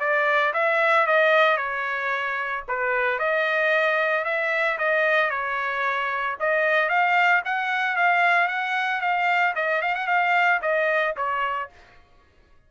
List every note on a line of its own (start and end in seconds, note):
0.00 0.53 D5
0.54 1.07 E5
1.07 1.57 D#5
1.57 2.64 C#5
2.68 3.19 B4
3.19 4.25 D#5
4.25 4.78 E5
4.78 5.30 D#5
5.30 6.37 C#5
6.40 6.90 D#5
6.90 7.43 F5
7.45 7.96 F#5
7.96 8.48 F5
8.48 9.01 F#5
9.01 9.54 F5
9.56 9.82 D#5
9.82 9.95 F5
9.95 10.07 F#5
10.07 10.60 F5
10.62 11.15 D#5
11.17 11.70 C#5